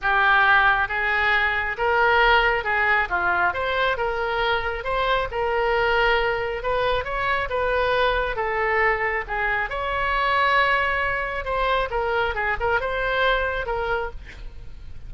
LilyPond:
\new Staff \with { instrumentName = "oboe" } { \time 4/4 \tempo 4 = 136 g'2 gis'2 | ais'2 gis'4 f'4 | c''4 ais'2 c''4 | ais'2. b'4 |
cis''4 b'2 a'4~ | a'4 gis'4 cis''2~ | cis''2 c''4 ais'4 | gis'8 ais'8 c''2 ais'4 | }